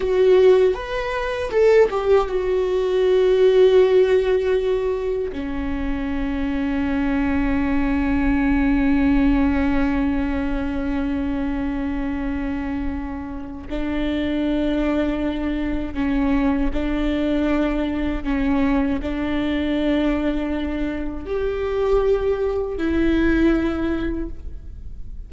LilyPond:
\new Staff \with { instrumentName = "viola" } { \time 4/4 \tempo 4 = 79 fis'4 b'4 a'8 g'8 fis'4~ | fis'2. cis'4~ | cis'1~ | cis'1~ |
cis'2 d'2~ | d'4 cis'4 d'2 | cis'4 d'2. | g'2 e'2 | }